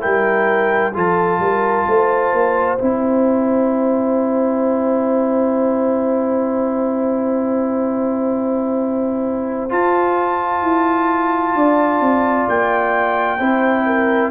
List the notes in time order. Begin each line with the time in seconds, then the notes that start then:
0.00 G3 E4 A#4 G5
0.93 F3 F4 A4 A5
1.39 G3 A#4
1.87 A3 C5
2.33 A#3
2.78 C4 E4 G5
9.69 F4 A5
10.62 E4
11.55 D4 D5
12.01 C4
12.48 A#3 G5
13.39 C4 E4 C5
13.86 A#4